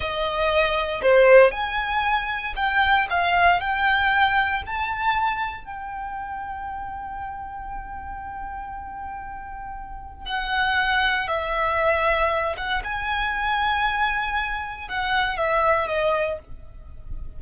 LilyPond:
\new Staff \with { instrumentName = "violin" } { \time 4/4 \tempo 4 = 117 dis''2 c''4 gis''4~ | gis''4 g''4 f''4 g''4~ | g''4 a''2 g''4~ | g''1~ |
g''1 | fis''2 e''2~ | e''8 fis''8 gis''2.~ | gis''4 fis''4 e''4 dis''4 | }